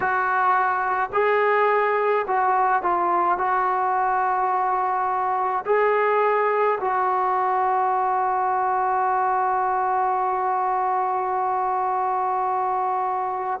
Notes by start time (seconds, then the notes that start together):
0.00 F#4
1.13 G#4
2.26 F#4
2.82 F4
3.38 F#4
5.66 G#4
6.80 F#4